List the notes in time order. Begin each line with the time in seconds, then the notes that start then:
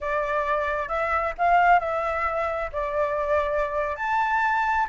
0.00 D5
0.88 E5
1.38 F5
1.79 E5
2.72 D5
3.96 A5